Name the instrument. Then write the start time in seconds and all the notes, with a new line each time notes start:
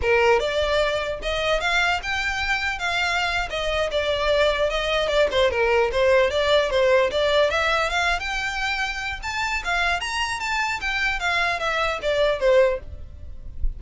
violin
0.01 A#4
0.39 D5
1.22 D#5
1.60 F5
2.02 G5
2.78 F5
3.49 D#5
3.91 D5
4.70 D#5
5.08 D5
5.31 C5
5.50 A#4
5.91 C5
6.30 D5
6.70 C5
7.11 D5
7.50 E5
7.89 F5
8.19 G5
9.23 A5
9.64 F5
10.00 A#5
10.39 A5
10.80 G5
11.19 F5
11.59 E5
12.01 D5
12.39 C5